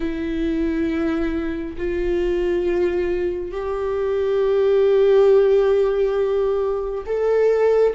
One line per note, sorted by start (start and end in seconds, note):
0.00 1.76 E4
1.77 3.51 F4
3.51 7.04 G4
7.05 7.94 A4